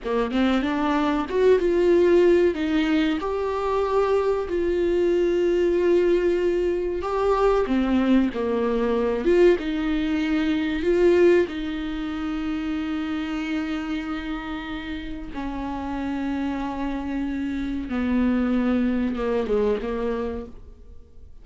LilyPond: \new Staff \with { instrumentName = "viola" } { \time 4/4 \tempo 4 = 94 ais8 c'8 d'4 fis'8 f'4. | dis'4 g'2 f'4~ | f'2. g'4 | c'4 ais4. f'8 dis'4~ |
dis'4 f'4 dis'2~ | dis'1 | cis'1 | b2 ais8 gis8 ais4 | }